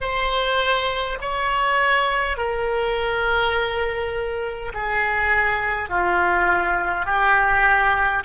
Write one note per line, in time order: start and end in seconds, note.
0.00 1.18 C5
1.21 2.37 C#5
2.37 4.72 A#4
4.73 5.89 G#4
5.89 7.05 F4
7.05 8.23 G4